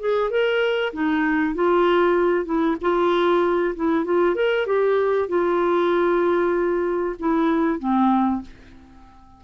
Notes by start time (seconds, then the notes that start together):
0.00 G#4
0.30 A#4
0.93 D#4
1.55 F4
2.45 E4
2.82 F4
3.76 E4
4.05 F4
4.36 A#4
4.66 G4
5.29 F4
7.19 E4
7.80 C4